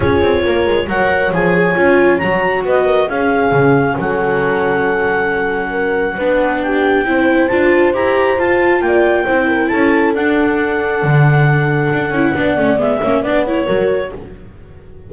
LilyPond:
<<
  \new Staff \with { instrumentName = "clarinet" } { \time 4/4 \tempo 4 = 136 cis''2 fis''4 gis''4~ | gis''4 ais''4 dis''4 f''4~ | f''4 fis''2.~ | fis''2. g''4~ |
g''4 a''4 ais''4 a''4 | g''2 a''4 fis''4~ | fis''1~ | fis''4 e''4 d''8 cis''4. | }
  \new Staff \with { instrumentName = "horn" } { \time 4/4 gis'4 ais'4 cis''2~ | cis''2 b'8 ais'8 gis'4~ | gis'4 a'2.~ | a'4 ais'4 b'4 g'4 |
c''1 | d''4 c''8 ais'8 a'2~ | a'1 | d''4. cis''8 b'4 ais'4 | }
  \new Staff \with { instrumentName = "viola" } { \time 4/4 f'2 ais'4 gis'4 | f'4 fis'2 cis'4~ | cis'1~ | cis'2 d'2 |
e'4 f'4 g'4 f'4~ | f'4 e'2 d'4~ | d'2.~ d'8 e'8 | d'8 cis'8 b8 cis'8 d'8 e'8 fis'4 | }
  \new Staff \with { instrumentName = "double bass" } { \time 4/4 cis'8 c'8 ais8 gis8 fis4 f4 | cis'4 fis4 b4 cis'4 | cis4 fis2.~ | fis2 b2 |
c'4 d'4 e'4 f'4 | ais4 c'4 cis'4 d'4~ | d'4 d2 d'8 cis'8 | b8 a8 gis8 ais8 b4 fis4 | }
>>